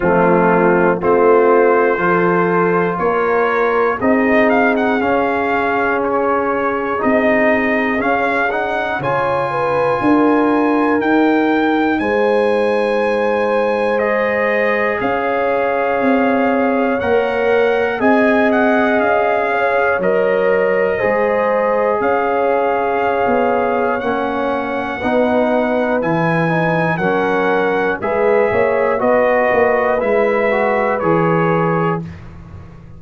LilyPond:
<<
  \new Staff \with { instrumentName = "trumpet" } { \time 4/4 \tempo 4 = 60 f'4 c''2 cis''4 | dis''8 f''16 fis''16 f''4 cis''4 dis''4 | f''8 fis''8 gis''2 g''4 | gis''2 dis''4 f''4~ |
f''4 fis''4 gis''8 fis''8 f''4 | dis''2 f''2 | fis''2 gis''4 fis''4 | e''4 dis''4 e''4 cis''4 | }
  \new Staff \with { instrumentName = "horn" } { \time 4/4 c'4 f'4 a'4 ais'4 | gis'1~ | gis'4 cis''8 b'8 ais'2 | c''2. cis''4~ |
cis''2 dis''4. cis''8~ | cis''4 c''4 cis''2~ | cis''4 b'2 ais'4 | b'8 cis''8 b'2. | }
  \new Staff \with { instrumentName = "trombone" } { \time 4/4 a4 c'4 f'2 | dis'4 cis'2 dis'4 | cis'8 dis'8 f'2 dis'4~ | dis'2 gis'2~ |
gis'4 ais'4 gis'2 | ais'4 gis'2. | cis'4 dis'4 e'8 dis'8 cis'4 | gis'4 fis'4 e'8 fis'8 gis'4 | }
  \new Staff \with { instrumentName = "tuba" } { \time 4/4 f4 a4 f4 ais4 | c'4 cis'2 c'4 | cis'4 cis4 d'4 dis'4 | gis2. cis'4 |
c'4 ais4 c'4 cis'4 | fis4 gis4 cis'4~ cis'16 b8. | ais4 b4 e4 fis4 | gis8 ais8 b8 ais8 gis4 e4 | }
>>